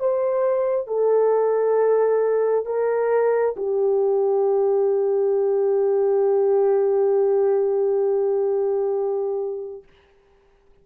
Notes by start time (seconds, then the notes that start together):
0.00 C5
0.88 A4
2.66 A#4
3.57 G4